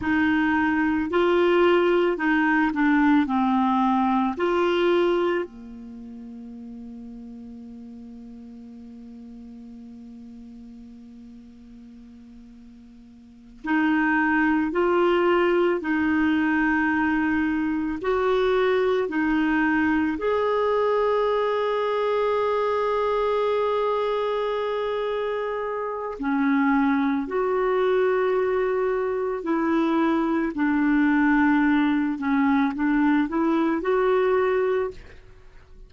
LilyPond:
\new Staff \with { instrumentName = "clarinet" } { \time 4/4 \tempo 4 = 55 dis'4 f'4 dis'8 d'8 c'4 | f'4 ais2.~ | ais1~ | ais8 dis'4 f'4 dis'4.~ |
dis'8 fis'4 dis'4 gis'4.~ | gis'1 | cis'4 fis'2 e'4 | d'4. cis'8 d'8 e'8 fis'4 | }